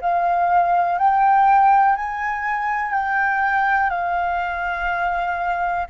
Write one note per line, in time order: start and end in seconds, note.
0.00 0.98 F5
0.98 1.95 G5
1.95 2.92 G#5
2.92 3.89 G5
3.89 5.86 F5